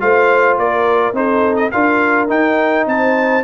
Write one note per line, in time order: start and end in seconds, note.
0.00 0.58 A3
0.00 1.14 F4
0.00 0.59 C5
0.00 0.58 F5
0.58 1.13 A#3
0.58 1.16 A#4
0.58 1.16 D5
1.13 1.70 C4
1.13 1.71 D#4
1.13 1.72 A4
1.13 1.56 C5
1.56 1.70 D#5
1.71 2.30 D4
1.71 2.28 F4
1.71 2.87 A#4
1.71 2.28 F5
2.28 3.43 D#4
2.28 2.86 D#4
2.28 2.87 G5
2.86 3.44 C4
2.86 3.44 C5
2.86 3.44 A5